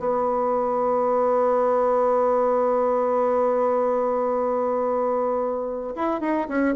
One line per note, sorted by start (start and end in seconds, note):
0.00 5.95 B3
5.96 6.21 E4
6.21 6.48 D#4
6.49 6.76 C#4